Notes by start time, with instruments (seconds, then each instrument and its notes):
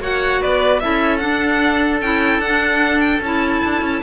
0.00 cello A#3, clarinet F#4, oboe C#5, violin F#5
0.41 cello B3, oboe B4, violin D5
0.80 cello C#4, clarinet E4, oboe A4, violin E5
1.17 clarinet D4, violin F#5
1.24 cello D4
2.02 cello C#4, clarinet E4, violin G5
2.39 cello D4, clarinet D4, violin F#5
3.00 violin G5
3.21 cello C#4, clarinet E4, violin A5
3.65 cello D4
3.81 cello C#4